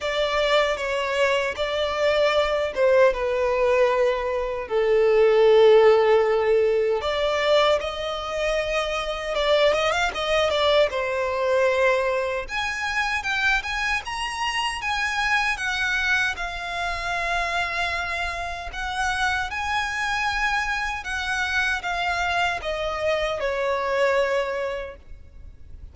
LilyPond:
\new Staff \with { instrumentName = "violin" } { \time 4/4 \tempo 4 = 77 d''4 cis''4 d''4. c''8 | b'2 a'2~ | a'4 d''4 dis''2 | d''8 dis''16 f''16 dis''8 d''8 c''2 |
gis''4 g''8 gis''8 ais''4 gis''4 | fis''4 f''2. | fis''4 gis''2 fis''4 | f''4 dis''4 cis''2 | }